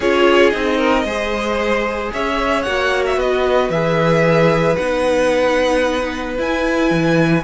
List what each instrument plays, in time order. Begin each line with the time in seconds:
0.00 cello C#4, viola F4, violin G#4 C#5
0.50 cello C4, viola D#4, violin D#5
0.77 violin A#4
1.04 cello G#3, viola G#4, violin C5
2.12 cello C#4, violin C#5 E5
2.62 cello A#3, viola F#4, violin F#5
3.06 violin E5
3.16 cello B3, violin B4 D#5
3.69 cello E3, viola G#4, violin E5
4.76 cello B3, viola D#4, violin F#5
6.37 viola E4, cello E4, violin G#5
6.90 cello E3